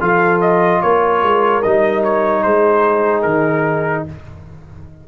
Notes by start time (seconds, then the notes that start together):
0.00 F3 F4 A4 F5
0.41 D#5
0.82 A#3 A#4 C#5
1.22 G#3
1.62 G3 D#4 D#5
2.03 C#5
2.43 G#3 G#4 C5
3.22 D#3 A#4